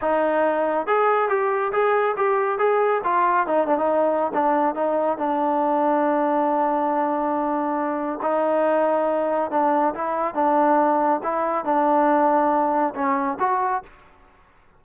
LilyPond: \new Staff \with { instrumentName = "trombone" } { \time 4/4 \tempo 4 = 139 dis'2 gis'4 g'4 | gis'4 g'4 gis'4 f'4 | dis'8 d'16 dis'4~ dis'16 d'4 dis'4 | d'1~ |
d'2. dis'4~ | dis'2 d'4 e'4 | d'2 e'4 d'4~ | d'2 cis'4 fis'4 | }